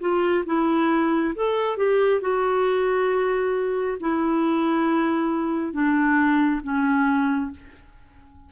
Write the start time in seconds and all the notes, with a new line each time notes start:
0.00 F4
0.46 E4
1.35 A4
1.77 G4
2.21 F#4
4.00 E4
5.73 D4
6.63 C#4